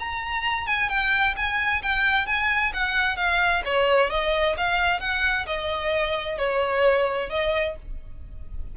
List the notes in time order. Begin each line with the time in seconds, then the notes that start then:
0.00 A#5
0.67 G#5
0.89 G5
1.37 G#5
1.83 G5
2.27 G#5
2.74 F#5
3.17 F5
3.65 C#5
4.10 D#5
4.58 F5
5.00 F#5
5.47 D#5
6.38 C#5
7.30 D#5